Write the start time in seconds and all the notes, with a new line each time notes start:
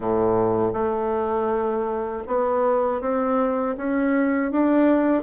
0.00 A2
0.73 A3
2.27 B3
3.01 C4
3.77 C#4
4.51 D4